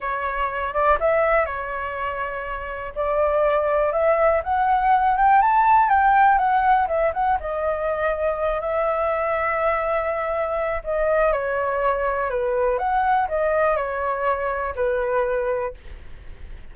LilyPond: \new Staff \with { instrumentName = "flute" } { \time 4/4 \tempo 4 = 122 cis''4. d''8 e''4 cis''4~ | cis''2 d''2 | e''4 fis''4. g''8 a''4 | g''4 fis''4 e''8 fis''8 dis''4~ |
dis''4. e''2~ e''8~ | e''2 dis''4 cis''4~ | cis''4 b'4 fis''4 dis''4 | cis''2 b'2 | }